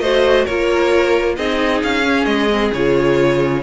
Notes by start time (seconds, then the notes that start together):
0.00 A3 F#4 C5 D#5
0.45 A#3 F4 A#4 C#5
1.36 C4 D#4 G#4 D#5
1.84 C#4 F5
2.03 C#4
2.25 G#3 D#5
2.51 C4
2.74 C#3 F4 C#5